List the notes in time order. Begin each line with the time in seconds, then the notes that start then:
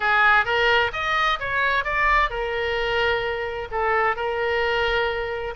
0.00 G#4
0.45 A#4
0.93 D#5
1.39 C#5
1.84 D5
2.30 A#4
3.71 A4
4.16 A#4